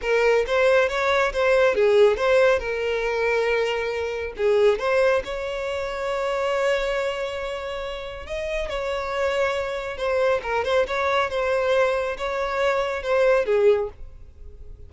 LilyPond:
\new Staff \with { instrumentName = "violin" } { \time 4/4 \tempo 4 = 138 ais'4 c''4 cis''4 c''4 | gis'4 c''4 ais'2~ | ais'2 gis'4 c''4 | cis''1~ |
cis''2. dis''4 | cis''2. c''4 | ais'8 c''8 cis''4 c''2 | cis''2 c''4 gis'4 | }